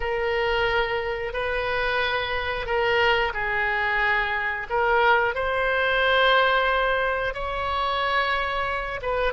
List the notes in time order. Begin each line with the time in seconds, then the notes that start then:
0.00 A#4
1.33 B4
2.65 A#4
3.33 G#4
4.69 A#4
5.35 C5
7.33 C#5
9.02 B4